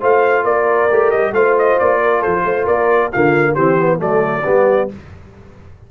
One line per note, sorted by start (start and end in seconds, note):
0.00 0.44 A3
0.00 0.89 F4
0.00 0.43 C5
0.00 0.44 F5
0.43 0.89 A#3
0.43 1.32 A#4
0.43 1.10 D5
0.91 1.13 A3
0.91 1.34 G4
1.10 1.31 G3
1.10 1.33 D#5
1.31 1.76 A3
1.31 3.11 F4
1.31 2.01 C5
1.31 1.56 F5
1.58 1.79 D#5
1.79 2.25 A#3
1.79 2.22 D5
2.02 2.20 A#4
2.20 2.42 A4
2.20 2.66 C5
2.26 2.44 F3
2.44 2.66 A3
2.44 2.65 C5
2.65 3.12 A#3
2.65 3.09 A#4
2.65 3.11 D5
3.12 3.57 D3
3.12 3.56 A#3
3.12 3.53 F4
3.12 3.54 F5
3.53 4.00 E3
3.53 3.78 C4
3.53 3.98 G4
3.53 3.99 C5
3.78 3.98 B3
3.98 4.44 F#3
3.98 4.43 A3
3.98 4.43 A4
3.98 4.90 D5
4.44 4.90 G3
4.44 4.88 B3
4.44 4.88 G4